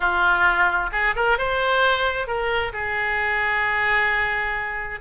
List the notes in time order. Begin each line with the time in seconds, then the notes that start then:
0.00 F4
0.92 G#4
1.15 A#4
1.38 C5
2.27 A#4
2.72 G#4